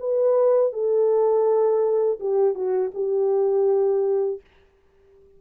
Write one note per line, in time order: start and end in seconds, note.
0.00 0.73 B4
0.73 2.19 A4
2.20 2.54 G4
2.54 2.91 F#4
2.94 4.41 G4